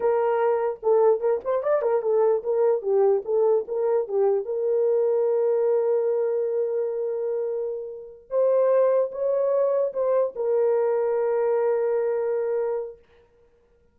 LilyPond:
\new Staff \with { instrumentName = "horn" } { \time 4/4 \tempo 4 = 148 ais'2 a'4 ais'8 c''8 | d''8 ais'8 a'4 ais'4 g'4 | a'4 ais'4 g'4 ais'4~ | ais'1~ |
ais'1~ | ais'8 c''2 cis''4.~ | cis''8 c''4 ais'2~ ais'8~ | ais'1 | }